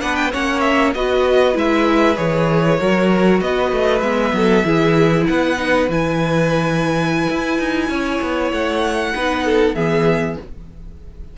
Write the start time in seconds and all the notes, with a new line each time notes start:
0.00 B3 D4 B4 F#5
0.15 G5
0.31 A#3 C#4 C#5 F#5
0.60 E5
0.94 B3 F#4 B4 D#5
1.53 G#3 E4 E5
2.16 E3 G#4 C#5
2.79 F#3 F#4 A#4
3.40 B3 B4 D#5
3.72 A3
4.00 G#3 B3 E5
4.32 F#3 A4
4.64 E3 E4 G#4
5.27 B3 B4 F#5
5.57 D#4
5.89 E3 E4 G#5
7.29 E4
7.58 D#4
7.88 C#4 C#5
8.21 B3
8.52 A3 F#5
9.15 B3 D#4 B4
9.45 A4
9.75 E3 B3 G#4 E5